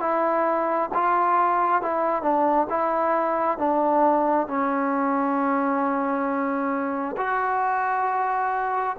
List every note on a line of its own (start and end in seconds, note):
0.00 0.90 E4
0.94 1.82 F4
1.82 2.22 E4
2.22 2.67 D4
2.69 3.58 E4
3.58 4.47 D4
4.47 7.16 C#4
7.17 8.96 F#4